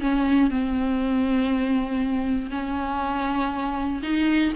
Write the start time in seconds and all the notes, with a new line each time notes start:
0.00 C#4
0.50 C4
2.50 C#4
4.02 D#4